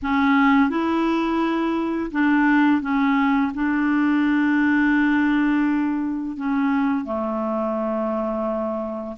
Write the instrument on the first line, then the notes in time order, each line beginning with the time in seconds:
clarinet
0.02 C#4
0.69 E4
2.11 D4
2.81 C#4
3.54 D4
6.36 C#4
7.04 A3